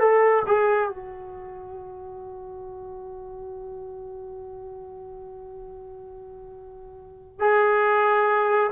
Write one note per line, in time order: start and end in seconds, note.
0.00 0.43 A4
0.47 0.90 G#4
0.90 7.41 F#4
7.41 8.71 G#4